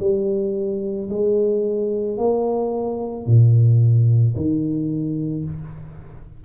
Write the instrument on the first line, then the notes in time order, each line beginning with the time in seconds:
tuba
0.00 G3
1.10 G#3
2.18 A#3
3.26 A#2
4.36 D#3